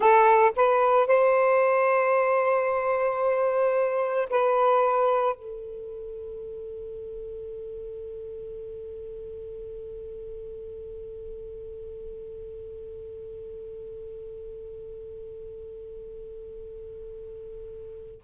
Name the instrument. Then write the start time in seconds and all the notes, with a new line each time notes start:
saxophone
0.00 A4
0.56 B4
1.07 C5
4.30 B4
5.35 A4